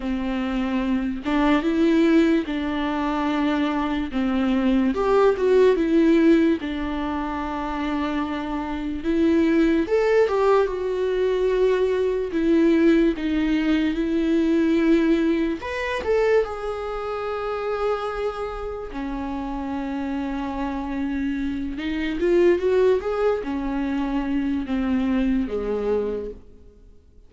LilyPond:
\new Staff \with { instrumentName = "viola" } { \time 4/4 \tempo 4 = 73 c'4. d'8 e'4 d'4~ | d'4 c'4 g'8 fis'8 e'4 | d'2. e'4 | a'8 g'8 fis'2 e'4 |
dis'4 e'2 b'8 a'8 | gis'2. cis'4~ | cis'2~ cis'8 dis'8 f'8 fis'8 | gis'8 cis'4. c'4 gis4 | }